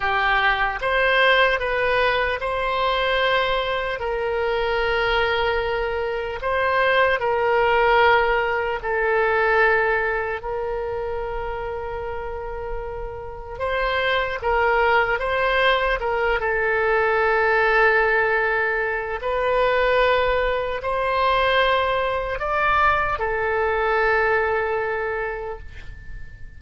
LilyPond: \new Staff \with { instrumentName = "oboe" } { \time 4/4 \tempo 4 = 75 g'4 c''4 b'4 c''4~ | c''4 ais'2. | c''4 ais'2 a'4~ | a'4 ais'2.~ |
ais'4 c''4 ais'4 c''4 | ais'8 a'2.~ a'8 | b'2 c''2 | d''4 a'2. | }